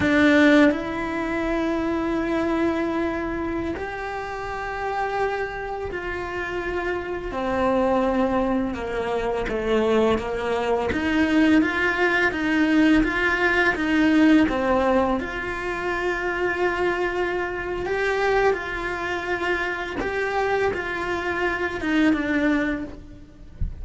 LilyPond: \new Staff \with { instrumentName = "cello" } { \time 4/4 \tempo 4 = 84 d'4 e'2.~ | e'4~ e'16 g'2~ g'8.~ | g'16 f'2 c'4.~ c'16~ | c'16 ais4 a4 ais4 dis'8.~ |
dis'16 f'4 dis'4 f'4 dis'8.~ | dis'16 c'4 f'2~ f'8.~ | f'4 g'4 f'2 | g'4 f'4. dis'8 d'4 | }